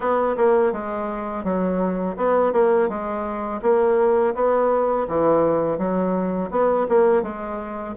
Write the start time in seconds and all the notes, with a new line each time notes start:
0.00 B3
0.36 A#3
0.72 G#3
1.44 F#3
2.17 B3
2.52 A#3
2.88 G#3
3.61 A#3
4.34 B3
5.08 E3
5.77 F#3
6.51 B3
6.88 A#3
7.22 G#3